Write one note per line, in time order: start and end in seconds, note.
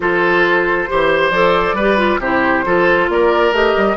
0.00 0.88 F3
0.00 0.87 F4
0.00 0.89 A4
0.00 1.30 C5
0.87 1.30 E3
0.87 1.32 G4
0.87 1.75 C5
1.30 1.73 F3
1.30 1.77 A4
1.30 2.18 D5
1.73 2.17 G3
1.73 2.19 B4
1.80 1.97 G4
1.97 2.19 F4
2.19 2.63 C3
2.19 2.65 E4
2.19 2.64 G4
2.19 3.09 C5
2.65 3.08 F3
2.65 3.52 F4
2.65 3.10 A4
3.08 3.52 A#3
3.08 3.96 A#4
3.08 3.54 D5
3.52 3.74 A3
3.52 3.96 G4
3.52 3.96 D#5
3.76 3.96 G3